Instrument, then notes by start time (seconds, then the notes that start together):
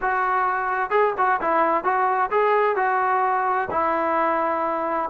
trombone
0.01 F#4
0.90 G#4
1.17 F#4
1.41 E4
1.83 F#4
2.31 G#4
2.76 F#4
3.70 E4